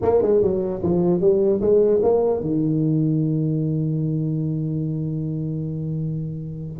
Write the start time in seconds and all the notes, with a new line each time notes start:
0.02 A#3
0.22 G#3
0.41 F#3
0.82 F3
1.20 G3
1.61 G#3
2.03 A#3
2.40 D#3